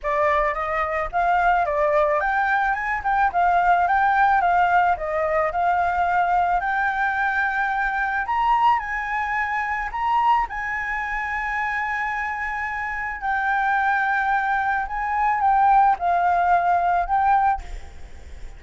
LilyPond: \new Staff \with { instrumentName = "flute" } { \time 4/4 \tempo 4 = 109 d''4 dis''4 f''4 d''4 | g''4 gis''8 g''8 f''4 g''4 | f''4 dis''4 f''2 | g''2. ais''4 |
gis''2 ais''4 gis''4~ | gis''1 | g''2. gis''4 | g''4 f''2 g''4 | }